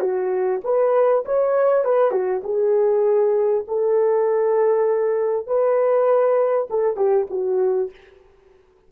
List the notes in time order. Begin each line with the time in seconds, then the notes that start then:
0.00 F#4
0.64 B4
1.25 C#5
1.84 B4
2.11 F#4
2.44 G#4
3.67 A4
5.47 B4
6.70 A4
6.96 G4
7.30 F#4